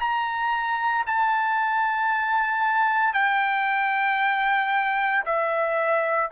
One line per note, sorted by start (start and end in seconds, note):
0.00 1.05 A#5
1.06 3.13 A5
3.13 5.23 G5
5.25 6.31 E5